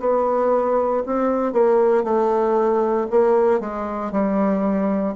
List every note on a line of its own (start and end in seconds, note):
0.00 1.03 B3
1.06 1.53 C4
1.53 2.04 A#3
2.04 3.08 A3
3.10 3.60 A#3
3.60 4.12 G#3
4.12 5.15 G3